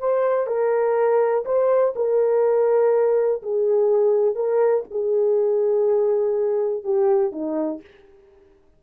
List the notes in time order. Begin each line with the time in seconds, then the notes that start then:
0.00 C5
0.47 A#4
1.46 C5
1.96 A#4
3.43 G#4
4.36 A#4
4.91 G#4
6.84 G4
7.33 D#4